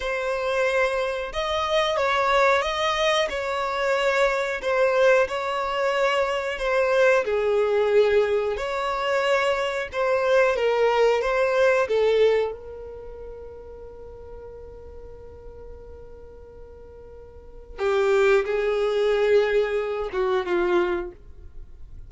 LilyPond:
\new Staff \with { instrumentName = "violin" } { \time 4/4 \tempo 4 = 91 c''2 dis''4 cis''4 | dis''4 cis''2 c''4 | cis''2 c''4 gis'4~ | gis'4 cis''2 c''4 |
ais'4 c''4 a'4 ais'4~ | ais'1~ | ais'2. g'4 | gis'2~ gis'8 fis'8 f'4 | }